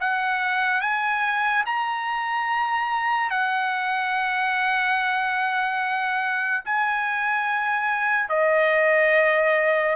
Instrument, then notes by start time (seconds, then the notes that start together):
trumpet
0.00 F#5
0.81 G#5
1.66 A#5
3.30 F#5
6.65 G#5
8.29 D#5